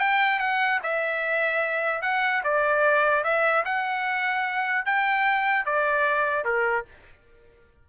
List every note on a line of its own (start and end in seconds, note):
0.00 0.40 G5
0.40 0.80 F#5
0.83 2.02 E5
2.02 2.42 F#5
2.44 3.24 D5
3.24 3.64 E5
3.65 4.86 F#5
4.86 5.65 G5
5.65 6.45 D5
6.45 6.85 A#4